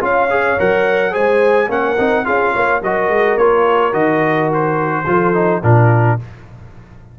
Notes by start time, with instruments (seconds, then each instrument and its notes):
0.00 tuba C#4, trombone F4, horn C#5, trumpet F5
0.30 trombone G#4
0.58 tuba F#3, trombone A#4, trumpet F#5
1.11 tuba G#3, trombone G#4, horn C5, trumpet G#5
1.68 tuba A#3, trombone C#4, horn A#4, trumpet F#5
1.97 tuba C4, trombone D#4
2.24 tuba C#4, trombone F4, horn G#4, trumpet F5
2.52 tuba A#3, horn C#5
2.81 tuba F#3, trombone F#4, horn A#4, trumpet D#5
3.09 tuba G#3
3.37 tuba A#3, trombone F4, trumpet C#5
3.93 tuba D#3, trombone F#4, trumpet D#5
4.54 trumpet C5
5.06 tuba F3, trombone F4, horn A4
5.34 trombone D#4
5.62 tuba A#2, trombone D4, horn F4, trumpet A#4